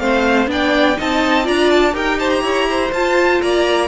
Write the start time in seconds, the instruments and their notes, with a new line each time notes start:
0.00 cello A3, viola C4, violin C5 F5
0.48 cello B3, viola D4, violin D5 G5
0.97 cello C4, viola D#4, violin D#5 A5
1.44 cello D4, viola F4, violin D5 A#5
1.71 violin A5
1.93 cello D#4, viola G4, violin A#4 G5
2.19 violin C5 A5
2.30 violin A#5
2.42 cello E4, violin C#5
2.70 violin C5
2.93 cello F4, viola F4, violin A5
3.42 cello A#3, violin D5 A#5